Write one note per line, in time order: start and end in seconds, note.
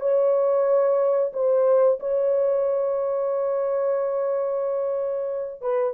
0.00 1.32 C#5
1.32 1.98 C5
2.00 5.61 C#5
5.61 5.94 B4